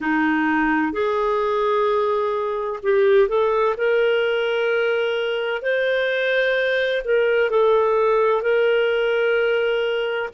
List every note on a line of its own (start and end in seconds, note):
0.00 0.92 D#4
0.92 2.80 G#4
2.82 3.28 G4
3.28 3.75 A4
3.77 5.62 A#4
5.62 7.02 C5
7.04 7.50 A#4
7.50 8.42 A4
8.42 10.29 A#4